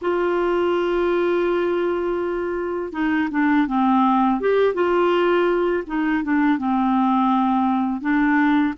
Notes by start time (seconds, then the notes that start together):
0.01 F4
2.92 D#4
3.31 D4
3.67 C4
4.40 G4
4.74 F4
5.86 D#4
6.23 D4
6.58 C4
8.01 D4